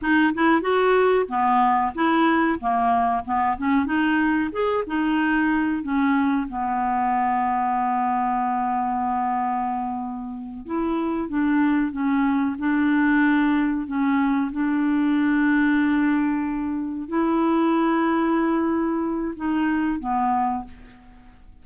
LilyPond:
\new Staff \with { instrumentName = "clarinet" } { \time 4/4 \tempo 4 = 93 dis'8 e'8 fis'4 b4 e'4 | ais4 b8 cis'8 dis'4 gis'8 dis'8~ | dis'4 cis'4 b2~ | b1~ |
b8 e'4 d'4 cis'4 d'8~ | d'4. cis'4 d'4.~ | d'2~ d'8 e'4.~ | e'2 dis'4 b4 | }